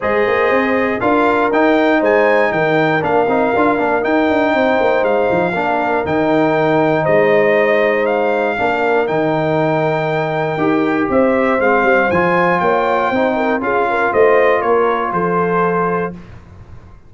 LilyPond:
<<
  \new Staff \with { instrumentName = "trumpet" } { \time 4/4 \tempo 4 = 119 dis''2 f''4 g''4 | gis''4 g''4 f''2 | g''2 f''2 | g''2 dis''2 |
f''2 g''2~ | g''2 e''4 f''4 | gis''4 g''2 f''4 | dis''4 cis''4 c''2 | }
  \new Staff \with { instrumentName = "horn" } { \time 4/4 c''2 ais'2 | c''4 ais'2.~ | ais'4 c''2 ais'4~ | ais'2 c''2~ |
c''4 ais'2.~ | ais'2 c''2~ | c''4 cis''4 c''8 ais'8 gis'8 ais'8 | c''4 ais'4 a'2 | }
  \new Staff \with { instrumentName = "trombone" } { \time 4/4 gis'2 f'4 dis'4~ | dis'2 d'8 dis'8 f'8 d'8 | dis'2. d'4 | dis'1~ |
dis'4 d'4 dis'2~ | dis'4 g'2 c'4 | f'2 dis'4 f'4~ | f'1 | }
  \new Staff \with { instrumentName = "tuba" } { \time 4/4 gis8 ais8 c'4 d'4 dis'4 | gis4 dis4 ais8 c'8 d'8 ais8 | dis'8 d'8 c'8 ais8 gis8 f8 ais4 | dis2 gis2~ |
gis4 ais4 dis2~ | dis4 dis'4 c'4 gis8 g8 | f4 ais4 c'4 cis'4 | a4 ais4 f2 | }
>>